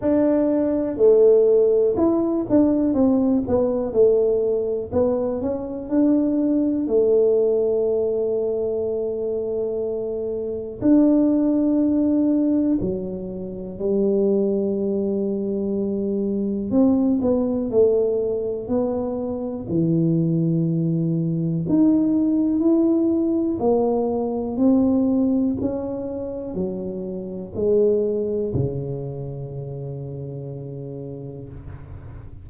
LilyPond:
\new Staff \with { instrumentName = "tuba" } { \time 4/4 \tempo 4 = 61 d'4 a4 e'8 d'8 c'8 b8 | a4 b8 cis'8 d'4 a4~ | a2. d'4~ | d'4 fis4 g2~ |
g4 c'8 b8 a4 b4 | e2 dis'4 e'4 | ais4 c'4 cis'4 fis4 | gis4 cis2. | }